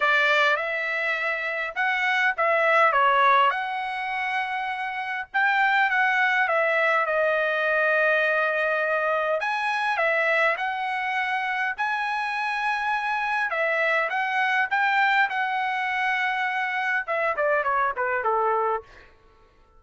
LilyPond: \new Staff \with { instrumentName = "trumpet" } { \time 4/4 \tempo 4 = 102 d''4 e''2 fis''4 | e''4 cis''4 fis''2~ | fis''4 g''4 fis''4 e''4 | dis''1 |
gis''4 e''4 fis''2 | gis''2. e''4 | fis''4 g''4 fis''2~ | fis''4 e''8 d''8 cis''8 b'8 a'4 | }